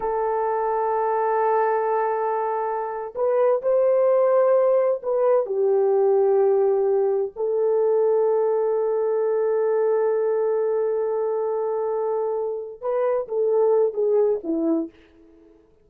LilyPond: \new Staff \with { instrumentName = "horn" } { \time 4/4 \tempo 4 = 129 a'1~ | a'2~ a'8. b'4 c''16~ | c''2~ c''8. b'4 g'16~ | g'2.~ g'8. a'16~ |
a'1~ | a'1~ | a'2.~ a'8 b'8~ | b'8 a'4. gis'4 e'4 | }